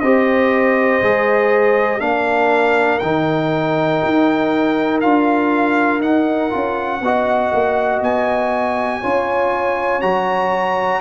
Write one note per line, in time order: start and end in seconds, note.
0.00 1.02 C4
0.00 1.02 G4
0.00 2.01 C5
0.00 2.00 D#5
1.02 2.00 G#3
1.02 2.00 G#4
2.00 3.00 A#3
2.00 3.00 D4
2.00 7.02 A#4
2.00 2.99 F5
2.99 4.02 D#3
2.99 5.03 D#4
2.99 4.99 G5
4.04 5.04 D#4
5.01 6.00 D4
5.01 6.02 F4
5.01 6.01 F5
6.00 6.50 D#4
6.00 8.02 F#5
6.50 7.01 C#4
6.50 7.00 F4
7.01 7.51 B3
7.01 9.03 F#4
7.01 9.01 D#5
7.52 8.01 A#3
8.01 9.01 B3
8.01 10.01 G#5
9.01 10.03 C#4
9.01 10.02 F4
9.01 11.01 C#5
10.01 11.01 F#3
10.01 11.01 F#4
10.01 11.01 A#5